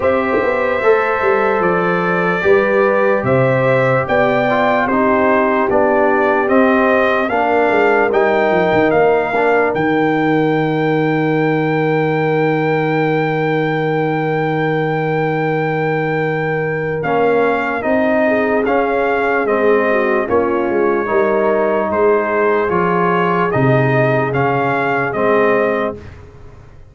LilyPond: <<
  \new Staff \with { instrumentName = "trumpet" } { \time 4/4 \tempo 4 = 74 e''2 d''2 | e''4 g''4 c''4 d''4 | dis''4 f''4 g''4 f''4 | g''1~ |
g''1~ | g''4 f''4 dis''4 f''4 | dis''4 cis''2 c''4 | cis''4 dis''4 f''4 dis''4 | }
  \new Staff \with { instrumentName = "horn" } { \time 4/4 c''2. b'4 | c''4 d''4 g'2~ | g'4 ais'2.~ | ais'1~ |
ais'1~ | ais'2~ ais'8 gis'4.~ | gis'8 fis'8 f'4 ais'4 gis'4~ | gis'1 | }
  \new Staff \with { instrumentName = "trombone" } { \time 4/4 g'4 a'2 g'4~ | g'4. f'8 dis'4 d'4 | c'4 d'4 dis'4. d'8 | dis'1~ |
dis'1~ | dis'4 cis'4 dis'4 cis'4 | c'4 cis'4 dis'2 | f'4 dis'4 cis'4 c'4 | }
  \new Staff \with { instrumentName = "tuba" } { \time 4/4 c'8 b8 a8 g8 f4 g4 | c4 b4 c'4 b4 | c'4 ais8 gis8 g8 f16 dis16 ais4 | dis1~ |
dis1~ | dis4 ais4 c'4 cis'4 | gis4 ais8 gis8 g4 gis4 | f4 c4 cis4 gis4 | }
>>